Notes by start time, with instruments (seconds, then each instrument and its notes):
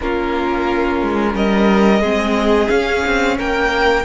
0.01 cello A#3, viola C#4, violin F4 A#4
1.02 cello G#3
1.34 cello G3, violin A#4 D#5
2.00 cello G#3, viola C4, violin G#4
2.68 viola C#4, cello C#4, violin F5
3.05 cello C4
3.37 cello A#3, violin A#4 G5